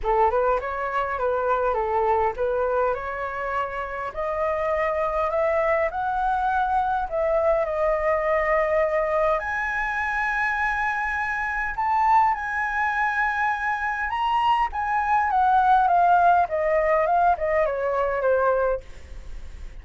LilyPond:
\new Staff \with { instrumentName = "flute" } { \time 4/4 \tempo 4 = 102 a'8 b'8 cis''4 b'4 a'4 | b'4 cis''2 dis''4~ | dis''4 e''4 fis''2 | e''4 dis''2. |
gis''1 | a''4 gis''2. | ais''4 gis''4 fis''4 f''4 | dis''4 f''8 dis''8 cis''4 c''4 | }